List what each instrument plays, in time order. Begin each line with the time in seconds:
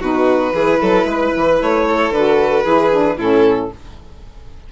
0.00 bassoon B2, saxophone D#4, violin F#4 B4
0.53 bassoon E3, saxophone E4, violin G#4
0.80 bassoon F#3, violin A4
1.04 bassoon G#3, violin B4
1.36 bassoon E3
1.61 bassoon A3, violin C#5
1.88 violin A4
2.10 bassoon D3, saxophone F#4, violin B4
2.63 bassoon E3, saxophone E4, violin G#4
2.91 saxophone D4
3.17 bassoon A2, saxophone C#4, violin E4 A4